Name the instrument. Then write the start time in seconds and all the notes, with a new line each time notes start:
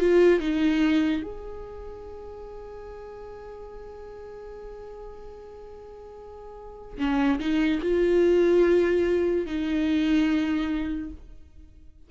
viola
0.00 F4
0.40 D#4
1.22 G#4
6.98 C#4
7.40 D#4
7.82 F4
9.46 D#4